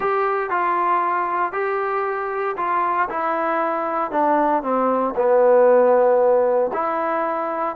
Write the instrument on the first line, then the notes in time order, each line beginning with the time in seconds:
trombone
0.00 G4
0.50 F4
1.52 G4
2.57 F4
3.09 E4
4.11 D4
4.62 C4
5.16 B3
6.73 E4